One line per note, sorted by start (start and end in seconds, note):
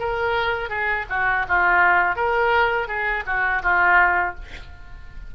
0.00 0.70 A#4
0.70 1.06 G#4
1.10 1.46 F#4
1.49 2.16 F4
2.16 2.88 A#4
2.88 3.24 G#4
3.26 3.62 F#4
3.63 4.35 F4